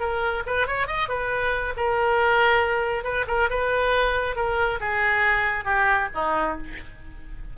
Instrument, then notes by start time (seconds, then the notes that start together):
oboe
0.00 A#4
0.47 B4
0.67 C#5
0.87 D#5
1.09 B4
1.77 A#4
3.04 B4
3.28 A#4
3.50 B4
4.36 A#4
4.81 G#4
5.65 G4
6.14 D#4